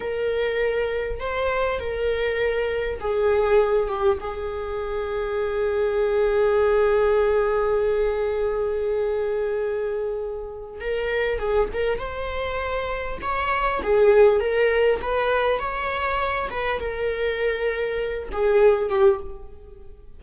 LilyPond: \new Staff \with { instrumentName = "viola" } { \time 4/4 \tempo 4 = 100 ais'2 c''4 ais'4~ | ais'4 gis'4. g'8 gis'4~ | gis'1~ | gis'1~ |
gis'2 ais'4 gis'8 ais'8 | c''2 cis''4 gis'4 | ais'4 b'4 cis''4. b'8 | ais'2~ ais'8 gis'4 g'8 | }